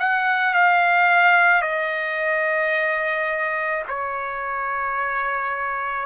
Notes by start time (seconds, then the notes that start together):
0.00 F#5
0.54 F5
1.62 D#5
3.89 C#5